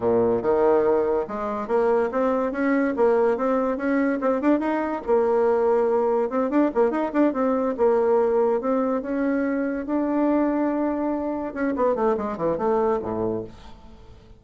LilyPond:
\new Staff \with { instrumentName = "bassoon" } { \time 4/4 \tempo 4 = 143 ais,4 dis2 gis4 | ais4 c'4 cis'4 ais4 | c'4 cis'4 c'8 d'8 dis'4 | ais2. c'8 d'8 |
ais8 dis'8 d'8 c'4 ais4.~ | ais8 c'4 cis'2 d'8~ | d'2.~ d'8 cis'8 | b8 a8 gis8 e8 a4 a,4 | }